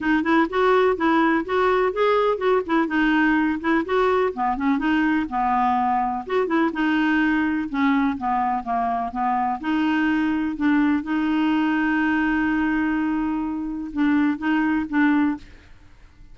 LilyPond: \new Staff \with { instrumentName = "clarinet" } { \time 4/4 \tempo 4 = 125 dis'8 e'8 fis'4 e'4 fis'4 | gis'4 fis'8 e'8 dis'4. e'8 | fis'4 b8 cis'8 dis'4 b4~ | b4 fis'8 e'8 dis'2 |
cis'4 b4 ais4 b4 | dis'2 d'4 dis'4~ | dis'1~ | dis'4 d'4 dis'4 d'4 | }